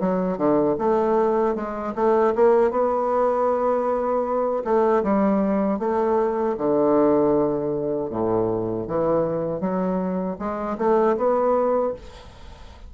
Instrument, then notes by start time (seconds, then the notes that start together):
bassoon
0.00 F#3
0.37 D3
0.78 A3
1.55 G#3
1.95 A3
2.35 A#3
2.71 B3
4.64 A3
5.03 G3
5.79 A3
6.57 D3
8.10 A2
8.87 E3
9.60 F#3
10.38 G#3
10.78 A3
11.17 B3